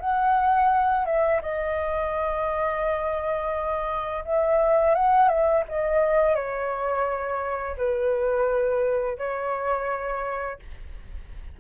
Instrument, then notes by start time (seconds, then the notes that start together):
flute
0.00 F#5
1.06 E5
1.42 D#5
4.25 E5
4.95 F#5
5.29 E5
5.69 D#5
6.35 C#5
7.77 B4
9.18 C#5